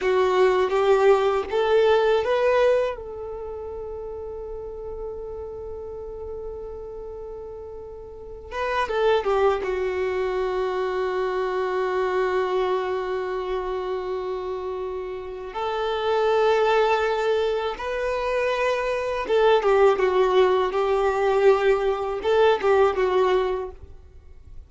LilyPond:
\new Staff \with { instrumentName = "violin" } { \time 4/4 \tempo 4 = 81 fis'4 g'4 a'4 b'4 | a'1~ | a'2.~ a'8 b'8 | a'8 g'8 fis'2.~ |
fis'1~ | fis'4 a'2. | b'2 a'8 g'8 fis'4 | g'2 a'8 g'8 fis'4 | }